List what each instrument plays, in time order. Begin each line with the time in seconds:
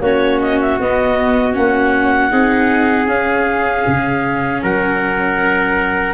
0.00 tuba A#3, viola C#4, trumpet F#4, clarinet C#5
0.40 clarinet D#5
0.60 clarinet E5
0.80 tuba B3, viola B3, clarinet D#5
1.53 tuba A#3, viola C#4, clarinet F#5
2.30 tuba C4, viola D#4, trumpet G#4
3.06 tuba C#4, viola C#4, clarinet F5
3.87 tuba C#3
4.62 tuba F#3, trumpet A#4, clarinet F#5